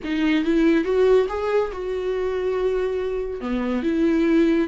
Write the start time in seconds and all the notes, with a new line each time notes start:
0.04 D#4
0.44 E4
0.84 F#4
1.28 G#4
1.72 F#4
3.40 B3
3.82 E4